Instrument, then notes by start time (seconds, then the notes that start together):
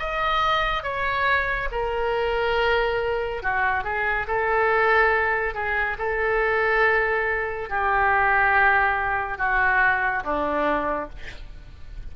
oboe
0.00 D#5
0.83 C#5
1.72 A#4
3.43 F#4
3.84 G#4
4.28 A4
5.54 G#4
5.99 A4
7.70 G4
9.38 F#4
10.24 D4